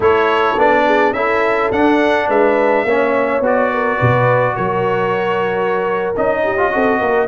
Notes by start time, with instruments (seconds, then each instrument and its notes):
0.00 tuba A3, trombone E4, horn A4, trumpet C#5
0.57 tuba B3, trombone D4, trumpet D5
0.86 horn G#4
1.12 tuba C#4, trombone E4, horn A4, trumpet E5
1.71 tuba D4, trombone D4, trumpet F#5
2.27 tuba G#3, horn B4, trumpet E5
2.84 tuba A#3, trombone C#4, horn C#5
3.40 tuba B3, trombone F#4, trumpet D5
3.72 horn A#4
3.96 tuba B2, horn B4
4.55 tuba F#3, horn A#4, trumpet C#5
6.16 tuba C#4, trombone D#4, trumpet D#5
6.43 horn G4
6.57 trombone F4
6.71 tuba C4, trombone F#4, horn A4
6.99 tuba A#3, horn A#4